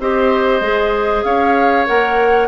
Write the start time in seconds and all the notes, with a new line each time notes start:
0.00 C4 G4 C5 D#5
0.61 G#3 G#4
1.24 C#4 C#5 F5
1.87 A#3 A#4 F#5